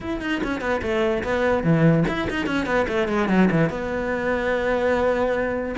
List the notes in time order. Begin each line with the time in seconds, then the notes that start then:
0.00 E4
0.21 D#4
0.43 C#4
0.60 B3
0.82 A3
1.23 B3
1.63 E3
2.08 E4
2.29 D#4
2.46 C#4
2.65 B3
2.87 A3
3.08 G#3
3.28 F#3
3.50 E3
3.69 B3